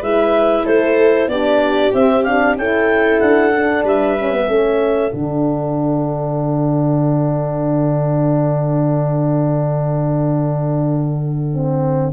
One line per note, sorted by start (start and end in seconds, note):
0.00 0.65 G#3
0.00 1.30 E4
0.00 0.64 B4
0.00 0.67 E5
0.65 1.28 A3
0.65 1.29 A4
0.65 1.29 C5
1.28 1.91 B3
1.28 1.93 D4
1.28 2.59 G4
1.28 1.93 D5
1.93 2.24 C4
1.93 2.56 C4
1.93 2.23 E5
2.23 2.58 D4
2.23 2.55 F5
2.56 3.20 C#4
2.56 3.53 E4
2.56 3.85 A4
2.56 3.20 G5
3.20 3.84 D4
3.20 3.84 F#5
3.56 4.19 D4
3.84 4.47 G3
3.84 4.49 B4
3.84 5.12 E5
4.19 4.33 C#4
4.33 4.48 B3
4.48 5.12 A3
4.48 5.12 C#4
4.48 12.13 A4
5.12 12.13 D3
5.12 11.50 D4
5.12 12.13 F#5
11.54 12.13 C4